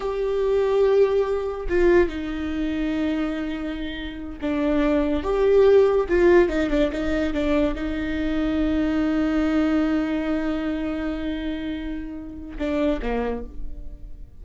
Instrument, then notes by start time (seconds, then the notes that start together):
viola
0.00 G4
1.69 F4
2.08 D#4
4.41 D4
5.23 G4
6.08 F4
6.48 D#4
6.70 D4
6.92 D#4
7.33 D4
7.75 D#4
12.58 D4
13.02 A#3